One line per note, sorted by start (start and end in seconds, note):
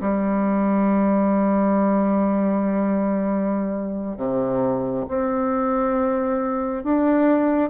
0.00 4.17 G3
4.17 5.05 C3
5.08 6.83 C4
6.83 7.70 D4